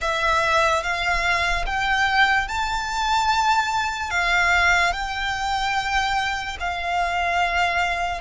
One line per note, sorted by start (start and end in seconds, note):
0.01 0.83 E5
0.83 1.65 F5
1.66 2.47 G5
2.47 4.10 A5
4.10 4.92 F5
4.92 6.57 G5
6.59 8.21 F5